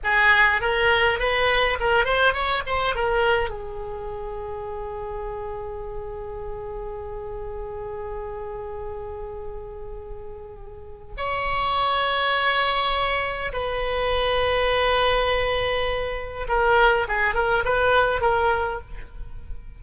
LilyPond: \new Staff \with { instrumentName = "oboe" } { \time 4/4 \tempo 4 = 102 gis'4 ais'4 b'4 ais'8 c''8 | cis''8 c''8 ais'4 gis'2~ | gis'1~ | gis'1~ |
gis'2. cis''4~ | cis''2. b'4~ | b'1 | ais'4 gis'8 ais'8 b'4 ais'4 | }